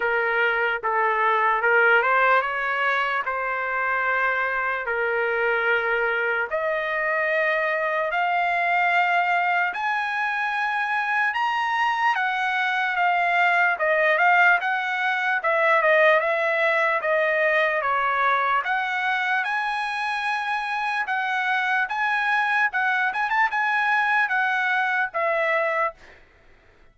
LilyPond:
\new Staff \with { instrumentName = "trumpet" } { \time 4/4 \tempo 4 = 74 ais'4 a'4 ais'8 c''8 cis''4 | c''2 ais'2 | dis''2 f''2 | gis''2 ais''4 fis''4 |
f''4 dis''8 f''8 fis''4 e''8 dis''8 | e''4 dis''4 cis''4 fis''4 | gis''2 fis''4 gis''4 | fis''8 gis''16 a''16 gis''4 fis''4 e''4 | }